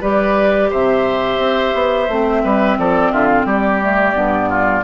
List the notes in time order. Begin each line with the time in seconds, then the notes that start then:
0.00 G3 G4 B4 D5
0.70 C3 C5 E5
1.38 C4
1.74 B3
2.08 A3 C4
2.43 G3 B4
2.78 F3 A4 D5
3.12 D3 F4 E5
3.26 F5
3.45 G3 G4 D5
3.82 A3
4.13 G2 B3
4.49 F4